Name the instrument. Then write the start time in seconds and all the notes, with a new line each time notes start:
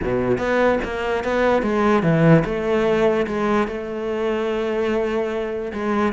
cello
0.02 B2
0.38 B3
0.83 A#3
1.24 B3
1.62 G#3
2.03 E3
2.44 A3
3.26 G#3
3.67 A3
5.73 G#3